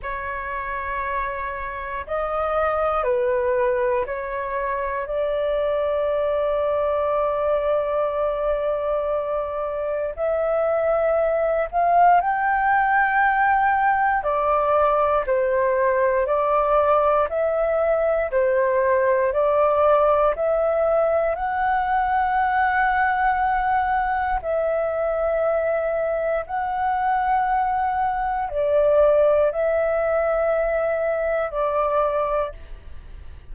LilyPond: \new Staff \with { instrumentName = "flute" } { \time 4/4 \tempo 4 = 59 cis''2 dis''4 b'4 | cis''4 d''2.~ | d''2 e''4. f''8 | g''2 d''4 c''4 |
d''4 e''4 c''4 d''4 | e''4 fis''2. | e''2 fis''2 | d''4 e''2 d''4 | }